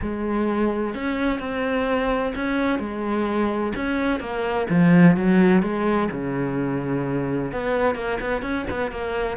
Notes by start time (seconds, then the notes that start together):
0.01 G#3
0.94 C#4
1.39 C4
2.35 C#4
2.79 G#3
3.75 C#4
4.20 A#3
4.69 F3
5.16 F#3
5.62 G#3
6.11 C#3
7.51 B3
7.95 A#3
8.20 B3
8.41 C#4
8.70 B3
8.91 A#3